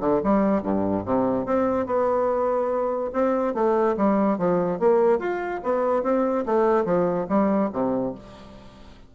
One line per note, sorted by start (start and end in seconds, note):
0.00 0.21 D3
0.24 0.62 G3
0.62 1.04 G2
1.05 1.46 C3
1.46 1.86 C4
1.86 3.11 B3
3.12 3.54 C4
3.54 3.96 A3
3.97 4.38 G3
4.38 4.79 F3
4.79 5.19 A#3
5.19 5.61 F4
5.63 6.03 B3
6.03 6.45 C4
6.46 6.85 A3
6.85 7.26 F3
7.29 7.70 G3
7.73 8.14 C3